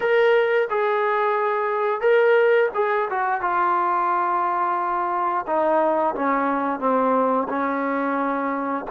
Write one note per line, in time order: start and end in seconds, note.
0.00 0.68 A#4
0.70 2.01 G#4
2.01 2.69 A#4
2.74 3.08 G#4
3.10 3.41 F#4
3.41 5.45 F4
5.46 6.15 D#4
6.15 6.79 C#4
6.79 7.47 C4
7.48 8.85 C#4